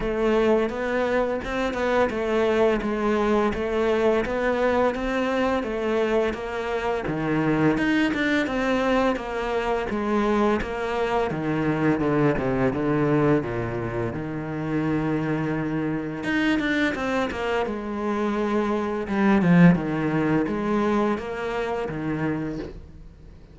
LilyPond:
\new Staff \with { instrumentName = "cello" } { \time 4/4 \tempo 4 = 85 a4 b4 c'8 b8 a4 | gis4 a4 b4 c'4 | a4 ais4 dis4 dis'8 d'8 | c'4 ais4 gis4 ais4 |
dis4 d8 c8 d4 ais,4 | dis2. dis'8 d'8 | c'8 ais8 gis2 g8 f8 | dis4 gis4 ais4 dis4 | }